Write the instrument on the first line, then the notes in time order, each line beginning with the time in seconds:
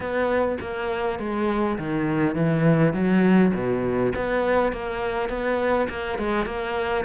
cello
0.00 B3
0.60 A#3
1.19 G#3
1.78 D#3
2.35 E3
2.93 F#3
3.53 B2
4.15 B3
4.72 A#3
5.29 B3
5.89 A#3
6.18 G#3
6.45 A#3